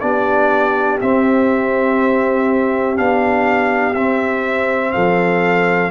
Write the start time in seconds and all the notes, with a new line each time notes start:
0.00 B3 D4 G4 D5
1.01 C4 E5
2.96 B3 D4 F5
3.94 C4 E5
4.92 F3 A4 F5